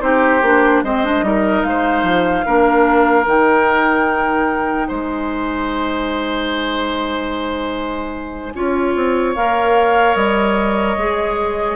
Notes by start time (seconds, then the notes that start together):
0.00 C4 D#4 G4 C5
0.42 A#3 D4
0.83 G#3 C4 C5 D#5
1.05 D4
1.22 G3 D#4 A#4
1.63 G#3 F5
1.69 C5
2.03 F3
2.45 A#3 D4 A#4
3.25 D#3 D#4 G5
4.88 G#3 C5 G#5
8.55 C#4 F4 C#5
8.95 C4
9.35 A#3 A#4 F5
10.15 G3 D#5
10.97 G#3 G#4